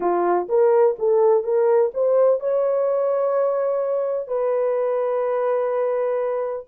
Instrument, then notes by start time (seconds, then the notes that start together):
horn
0.00 F4
0.48 A#4
0.98 A4
1.43 A#4
1.94 C5
2.40 C#5
4.27 B4